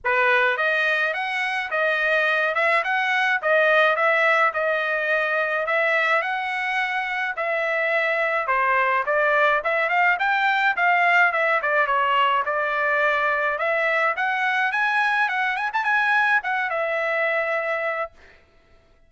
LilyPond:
\new Staff \with { instrumentName = "trumpet" } { \time 4/4 \tempo 4 = 106 b'4 dis''4 fis''4 dis''4~ | dis''8 e''8 fis''4 dis''4 e''4 | dis''2 e''4 fis''4~ | fis''4 e''2 c''4 |
d''4 e''8 f''8 g''4 f''4 | e''8 d''8 cis''4 d''2 | e''4 fis''4 gis''4 fis''8 gis''16 a''16 | gis''4 fis''8 e''2~ e''8 | }